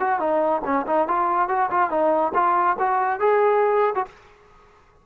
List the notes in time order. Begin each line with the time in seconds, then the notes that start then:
0.00 F#4
0.20 D#4
0.65 C#4
0.87 D#4
1.08 F4
1.49 F#4
1.71 F4
1.91 D#4
2.34 F4
2.79 F#4
3.20 G#4
3.96 F#4